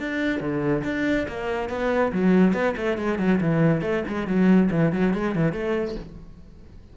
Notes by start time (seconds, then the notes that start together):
0.00 D4
0.41 D3
0.84 D4
1.28 A#3
1.70 B3
2.13 F#3
2.54 B3
2.77 A3
2.98 G#3
3.19 F#3
3.41 E3
3.82 A3
4.08 G#3
4.28 F#3
4.71 E3
4.93 F#3
5.14 G#3
5.36 E3
5.53 A3